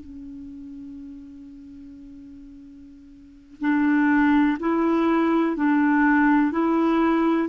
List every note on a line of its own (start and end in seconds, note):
0.00 3.61 C#4
3.61 4.57 D4
4.60 5.56 E4
5.56 6.52 D4
6.52 7.49 E4